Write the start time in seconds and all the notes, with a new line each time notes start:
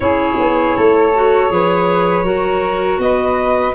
0.00 C#4 E4 G#4 C#5
0.39 B3
0.77 A3 A4
1.14 F#4
1.49 F3 G#4 B4
2.24 F#3 F#4 A#4
2.98 B3 B4 D#5